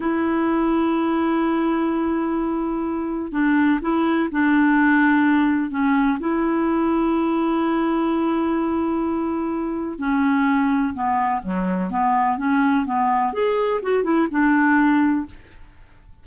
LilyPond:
\new Staff \with { instrumentName = "clarinet" } { \time 4/4 \tempo 4 = 126 e'1~ | e'2. d'4 | e'4 d'2. | cis'4 e'2.~ |
e'1~ | e'4 cis'2 b4 | fis4 b4 cis'4 b4 | gis'4 fis'8 e'8 d'2 | }